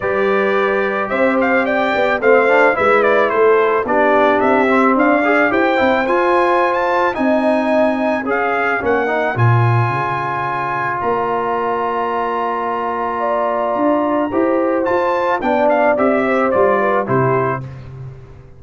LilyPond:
<<
  \new Staff \with { instrumentName = "trumpet" } { \time 4/4 \tempo 4 = 109 d''2 e''8 f''8 g''4 | f''4 e''8 d''8 c''4 d''4 | e''4 f''4 g''4 gis''4~ | gis''16 a''8. gis''2 f''4 |
fis''4 gis''2. | ais''1~ | ais''2. a''4 | g''8 f''8 e''4 d''4 c''4 | }
  \new Staff \with { instrumentName = "horn" } { \time 4/4 b'2 c''4 d''4 | c''4 b'4 a'4 g'4~ | g'4 d''4 c''2~ | c''4 dis''2 cis''4~ |
cis''1~ | cis''1 | d''2 c''2 | d''4. c''4 b'8 g'4 | }
  \new Staff \with { instrumentName = "trombone" } { \time 4/4 g'1 | c'8 d'8 e'2 d'4~ | d'8 c'4 gis'8 g'8 e'8 f'4~ | f'4 dis'2 gis'4 |
cis'8 dis'8 f'2.~ | f'1~ | f'2 g'4 f'4 | d'4 g'4 f'4 e'4 | }
  \new Staff \with { instrumentName = "tuba" } { \time 4/4 g2 c'4. b8 | a4 gis4 a4 b4 | c'4 d'4 e'8 c'8 f'4~ | f'4 c'2 cis'4 |
ais4 ais,4 cis2 | ais1~ | ais4 d'4 e'4 f'4 | b4 c'4 g4 c4 | }
>>